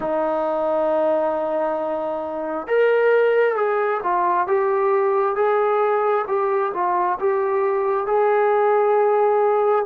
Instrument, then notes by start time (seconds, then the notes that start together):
trombone
0.00 D#4
2.67 A#4
3.56 G#4
4.03 F4
4.47 G4
5.35 G#4
6.27 G4
6.73 F4
7.19 G4
8.06 G#4